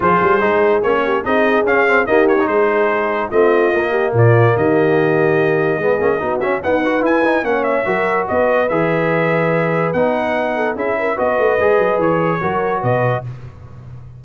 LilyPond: <<
  \new Staff \with { instrumentName = "trumpet" } { \time 4/4 \tempo 4 = 145 c''2 cis''4 dis''4 | f''4 dis''8 cis''8 c''2 | dis''2 d''4 dis''4~ | dis''2.~ dis''8 e''8 |
fis''4 gis''4 fis''8 e''4. | dis''4 e''2. | fis''2 e''4 dis''4~ | dis''4 cis''2 dis''4 | }
  \new Staff \with { instrumentName = "horn" } { \time 4/4 gis'2~ gis'8 g'8 gis'4~ | gis'4 g'4 gis'2 | f'4. g'8 f'4 g'4~ | g'2 gis'4 fis'4 |
b'2 cis''4 ais'4 | b'1~ | b'4. a'8 gis'8 ais'8 b'4~ | b'2 ais'4 b'4 | }
  \new Staff \with { instrumentName = "trombone" } { \time 4/4 f'4 dis'4 cis'4 dis'4 | cis'8 c'8 ais8. dis'2~ dis'16 | c'4 ais2.~ | ais2 b8 cis'8 dis'8 cis'8 |
b8 fis'8 e'8 dis'8 cis'4 fis'4~ | fis'4 gis'2. | dis'2 e'4 fis'4 | gis'2 fis'2 | }
  \new Staff \with { instrumentName = "tuba" } { \time 4/4 f8 g8 gis4 ais4 c'4 | cis'4 dis'4 gis2 | a4 ais4 ais,4 dis4~ | dis2 gis8 ais8 b8 cis'8 |
dis'4 e'4 ais4 fis4 | b4 e2. | b2 cis'4 b8 a8 | gis8 fis8 e4 fis4 b,4 | }
>>